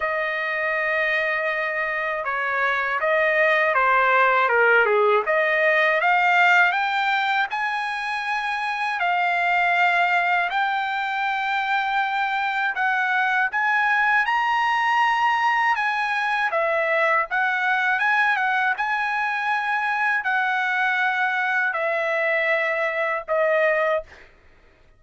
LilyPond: \new Staff \with { instrumentName = "trumpet" } { \time 4/4 \tempo 4 = 80 dis''2. cis''4 | dis''4 c''4 ais'8 gis'8 dis''4 | f''4 g''4 gis''2 | f''2 g''2~ |
g''4 fis''4 gis''4 ais''4~ | ais''4 gis''4 e''4 fis''4 | gis''8 fis''8 gis''2 fis''4~ | fis''4 e''2 dis''4 | }